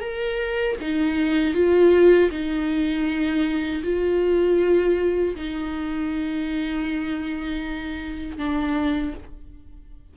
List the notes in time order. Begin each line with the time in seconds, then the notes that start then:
0.00 A#4
0.80 D#4
1.54 F4
2.30 D#4
3.83 F4
5.35 D#4
8.38 D4